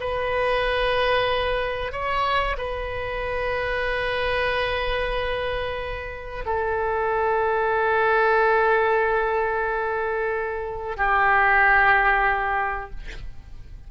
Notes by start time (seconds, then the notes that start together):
0.00 B4
1.92 C#5
2.58 B4
6.45 A4
10.97 G4